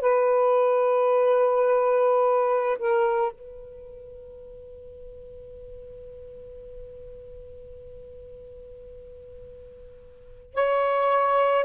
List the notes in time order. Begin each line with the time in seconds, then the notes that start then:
0.00 B4
2.78 A#4
3.31 B4
10.54 C#5